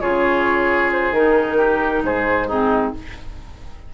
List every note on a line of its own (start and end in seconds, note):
0.00 1.10 C#3
0.00 1.14 F4
0.00 1.57 G#4
0.00 0.90 C#5
0.92 1.13 C5
1.10 2.01 D#3
1.10 2.49 D#4
1.10 2.03 A#4
1.57 2.02 G4
2.02 2.92 G#2
2.02 2.47 G#4
2.02 2.49 C5
2.47 2.94 C4
2.47 2.92 D#4
2.47 2.94 G#4